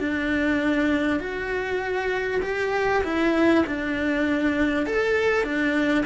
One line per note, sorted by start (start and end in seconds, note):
0.00 1.20 D4
1.20 2.42 F#4
2.43 3.03 G4
3.04 3.65 E4
3.67 4.87 D4
4.87 5.44 A4
5.44 6.05 D4